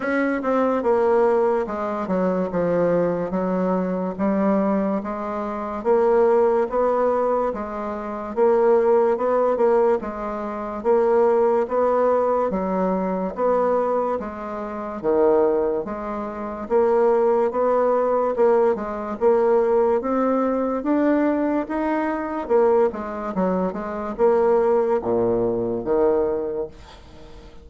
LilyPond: \new Staff \with { instrumentName = "bassoon" } { \time 4/4 \tempo 4 = 72 cis'8 c'8 ais4 gis8 fis8 f4 | fis4 g4 gis4 ais4 | b4 gis4 ais4 b8 ais8 | gis4 ais4 b4 fis4 |
b4 gis4 dis4 gis4 | ais4 b4 ais8 gis8 ais4 | c'4 d'4 dis'4 ais8 gis8 | fis8 gis8 ais4 ais,4 dis4 | }